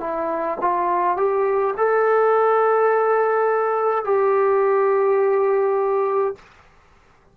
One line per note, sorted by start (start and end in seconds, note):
0.00 0.58 E4
0.61 1.17 F4
1.17 1.75 G4
1.77 4.04 A4
4.04 6.35 G4